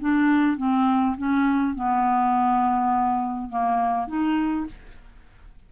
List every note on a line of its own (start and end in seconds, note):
0.00 0.57 D4
0.57 1.16 C4
1.17 1.75 C#4
1.75 3.49 B3
3.49 4.07 A#3
4.07 4.66 D#4